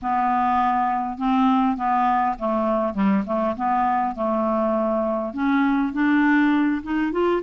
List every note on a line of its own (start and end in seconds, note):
0.01 1.17 B3
1.17 1.76 C4
1.76 2.36 B3
2.38 2.94 A3
2.94 3.23 G3
3.26 3.56 A3
3.56 4.15 B3
4.15 5.33 A3
5.33 5.92 C#4
5.92 6.82 D4
6.82 7.12 D#4
7.12 7.41 F4